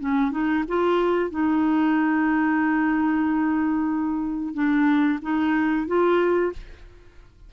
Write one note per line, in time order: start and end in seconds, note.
0.00 0.32 C#4
0.32 0.64 D#4
0.68 1.30 F4
1.30 4.54 D#4
4.54 5.19 D4
5.22 5.87 D#4
5.88 6.53 F4